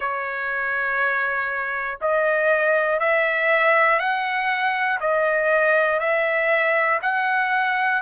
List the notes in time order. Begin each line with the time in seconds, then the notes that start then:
0.00 C#5
2.00 D#5
2.99 E5
3.99 F#5
5.00 D#5
5.99 E5
7.02 F#5